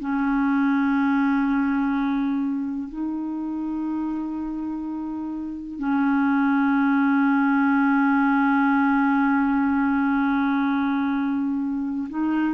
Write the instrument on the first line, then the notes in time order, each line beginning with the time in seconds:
clarinet
0.00 C#4
2.89 D#4
5.79 C#4
12.10 D#4